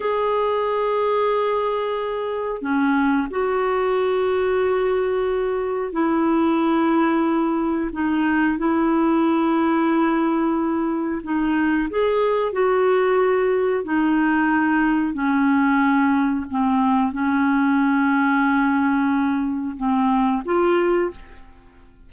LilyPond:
\new Staff \with { instrumentName = "clarinet" } { \time 4/4 \tempo 4 = 91 gis'1 | cis'4 fis'2.~ | fis'4 e'2. | dis'4 e'2.~ |
e'4 dis'4 gis'4 fis'4~ | fis'4 dis'2 cis'4~ | cis'4 c'4 cis'2~ | cis'2 c'4 f'4 | }